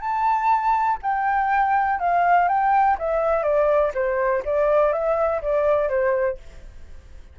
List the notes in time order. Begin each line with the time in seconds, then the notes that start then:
0.00 A5
1.02 G5
1.99 F5
2.48 G5
2.98 E5
3.43 D5
3.94 C5
4.45 D5
4.92 E5
5.42 D5
5.89 C5